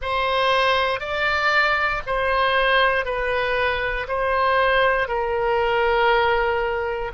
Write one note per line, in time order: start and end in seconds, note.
0.01 1.00 C5
1.00 2.02 D5
2.06 3.05 C5
3.05 4.07 B4
4.08 5.08 C5
5.08 7.11 A#4